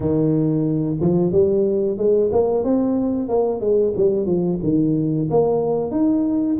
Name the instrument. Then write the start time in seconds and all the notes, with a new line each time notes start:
tuba
0.00 D#3
1.00 F3
1.32 G3
1.97 G#3
2.32 A#3
2.64 C4
3.28 A#3
3.60 G#3
3.96 G3
4.25 F3
4.63 D#3
5.30 A#3
5.91 D#4